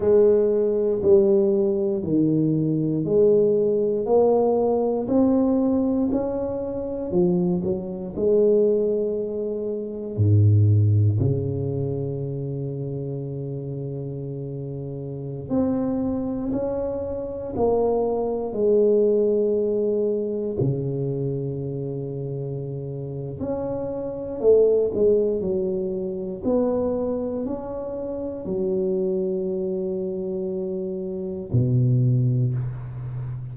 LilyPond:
\new Staff \with { instrumentName = "tuba" } { \time 4/4 \tempo 4 = 59 gis4 g4 dis4 gis4 | ais4 c'4 cis'4 f8 fis8 | gis2 gis,4 cis4~ | cis2.~ cis16 c'8.~ |
c'16 cis'4 ais4 gis4.~ gis16~ | gis16 cis2~ cis8. cis'4 | a8 gis8 fis4 b4 cis'4 | fis2. b,4 | }